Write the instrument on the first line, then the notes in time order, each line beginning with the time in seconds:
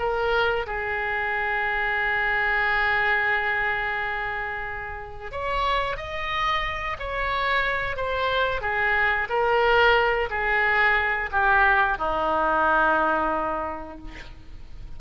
oboe
0.00 A#4
0.67 G#4
5.32 C#5
5.97 D#5
7.00 C#5
7.97 C5
8.62 G#4
9.30 A#4
10.30 G#4
11.32 G4
11.98 D#4